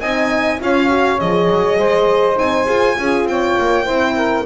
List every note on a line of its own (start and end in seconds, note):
0.00 0.60 C4
0.00 0.59 D#4
0.00 0.60 D#5
0.00 0.59 G#5
0.59 1.20 C#4
0.59 0.89 F4
0.59 1.78 C#5
0.59 1.19 F5
0.89 1.19 F#4
1.19 1.49 F3
1.19 2.36 G#4
1.19 2.38 D#5
1.49 1.78 F#3
1.78 2.38 G#3
1.78 2.97 C5
2.36 2.67 C4
2.36 2.65 D#4
2.36 3.27 G#5
2.65 2.97 F4
2.65 2.95 G#4
2.96 3.25 C#4
2.96 3.85 F4
2.96 3.28 G#4
3.25 3.54 C4
3.25 3.84 C#5
3.25 4.45 G5
3.59 3.88 A#3
3.84 4.45 C4
3.84 4.45 E4
3.84 4.14 C5
4.15 4.45 A#4